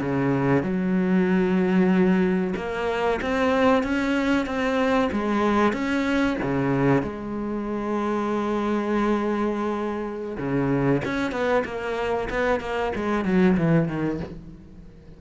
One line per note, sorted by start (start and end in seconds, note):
0.00 0.63 C#3
0.63 2.54 F#3
2.56 3.20 A#3
3.22 3.83 C4
3.83 4.46 C#4
4.46 5.10 C4
5.12 5.73 G#3
5.73 6.37 C#4
6.42 7.02 C#3
7.02 10.38 G#3
10.38 11.02 C#3
11.05 11.32 C#4
11.32 11.64 B3
11.65 12.29 A#3
12.30 12.60 B3
12.60 12.92 A#3
12.96 13.25 G#3
13.25 13.57 F#3
13.57 13.88 E3
13.88 14.20 D#3